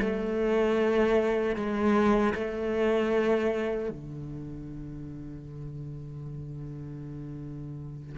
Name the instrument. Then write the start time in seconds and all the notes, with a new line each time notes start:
cello
0.00 A3
1.55 G#3
2.34 A3
3.89 D3